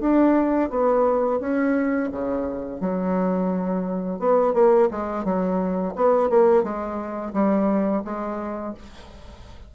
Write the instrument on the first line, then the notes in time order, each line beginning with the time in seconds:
bassoon
0.00 D4
0.70 B3
1.40 C#4
2.12 C#3
2.80 F#3
4.19 B3
4.53 A#3
4.91 G#3
5.24 F#3
5.95 B3
6.29 A#3
6.63 G#3
7.33 G3
8.04 G#3